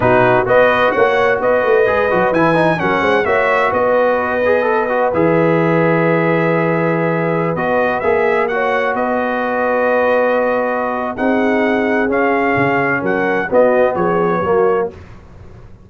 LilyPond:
<<
  \new Staff \with { instrumentName = "trumpet" } { \time 4/4 \tempo 4 = 129 b'4 dis''4 fis''4 dis''4~ | dis''4 gis''4 fis''4 e''4 | dis''2. e''4~ | e''1~ |
e''16 dis''4 e''4 fis''4 dis''8.~ | dis''1 | fis''2 f''2 | fis''4 dis''4 cis''2 | }
  \new Staff \with { instrumentName = "horn" } { \time 4/4 fis'4 b'4 cis''4 b'4~ | b'2 ais'8 c''8 cis''4 | b'1~ | b'1~ |
b'2~ b'16 cis''4 b'8.~ | b'1 | gis'1 | ais'4 fis'4 gis'4 fis'4 | }
  \new Staff \with { instrumentName = "trombone" } { \time 4/4 dis'4 fis'2. | gis'8 fis'8 e'8 dis'8 cis'4 fis'4~ | fis'4. gis'8 a'8 fis'8 gis'4~ | gis'1~ |
gis'16 fis'4 gis'4 fis'4.~ fis'16~ | fis'1 | dis'2 cis'2~ | cis'4 b2 ais4 | }
  \new Staff \with { instrumentName = "tuba" } { \time 4/4 b,4 b4 ais4 b8 a8 | gis8 fis8 e4 fis8 gis8 ais4 | b2. e4~ | e1~ |
e16 b4 ais2 b8.~ | b1 | c'2 cis'4 cis4 | fis4 b4 f4 fis4 | }
>>